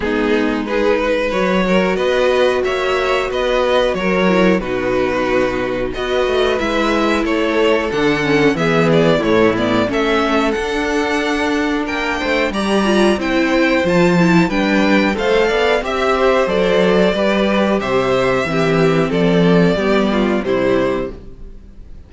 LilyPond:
<<
  \new Staff \with { instrumentName = "violin" } { \time 4/4 \tempo 4 = 91 gis'4 b'4 cis''4 dis''4 | e''4 dis''4 cis''4 b'4~ | b'4 dis''4 e''4 cis''4 | fis''4 e''8 d''8 cis''8 d''8 e''4 |
fis''2 g''4 ais''4 | g''4 a''4 g''4 f''4 | e''4 d''2 e''4~ | e''4 d''2 c''4 | }
  \new Staff \with { instrumentName = "violin" } { \time 4/4 dis'4 gis'8 b'4 ais'8 b'4 | cis''4 b'4 ais'4 fis'4~ | fis'4 b'2 a'4~ | a'4 gis'4 e'4 a'4~ |
a'2 ais'8 c''8 d''4 | c''2 b'4 c''8 d''8 | e''8 c''4. b'4 c''4 | g'4 a'4 g'8 f'8 e'4 | }
  \new Staff \with { instrumentName = "viola" } { \time 4/4 b4 dis'4 fis'2~ | fis'2~ fis'8 e'8 dis'4~ | dis'4 fis'4 e'2 | d'8 cis'8 b4 a8 b8 cis'4 |
d'2. g'8 f'8 | e'4 f'8 e'8 d'4 a'4 | g'4 a'4 g'2 | c'2 b4 g4 | }
  \new Staff \with { instrumentName = "cello" } { \time 4/4 gis2 fis4 b4 | ais4 b4 fis4 b,4~ | b,4 b8 a8 gis4 a4 | d4 e4 a,4 a4 |
d'2 ais8 a8 g4 | c'4 f4 g4 a8 b8 | c'4 fis4 g4 c4 | e4 f4 g4 c4 | }
>>